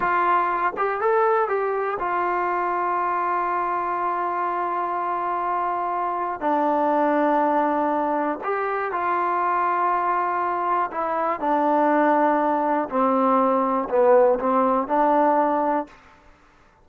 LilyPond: \new Staff \with { instrumentName = "trombone" } { \time 4/4 \tempo 4 = 121 f'4. g'8 a'4 g'4 | f'1~ | f'1~ | f'4 d'2.~ |
d'4 g'4 f'2~ | f'2 e'4 d'4~ | d'2 c'2 | b4 c'4 d'2 | }